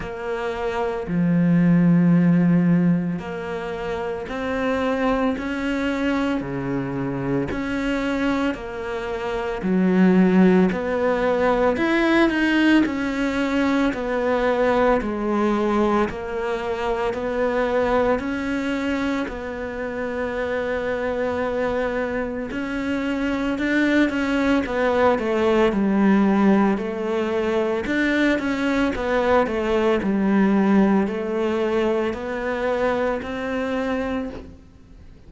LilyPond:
\new Staff \with { instrumentName = "cello" } { \time 4/4 \tempo 4 = 56 ais4 f2 ais4 | c'4 cis'4 cis4 cis'4 | ais4 fis4 b4 e'8 dis'8 | cis'4 b4 gis4 ais4 |
b4 cis'4 b2~ | b4 cis'4 d'8 cis'8 b8 a8 | g4 a4 d'8 cis'8 b8 a8 | g4 a4 b4 c'4 | }